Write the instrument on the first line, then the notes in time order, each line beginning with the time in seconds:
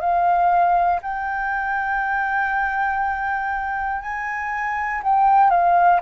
flute
0.00 F5
1.02 G5
4.02 G#5
5.03 G5
5.50 F5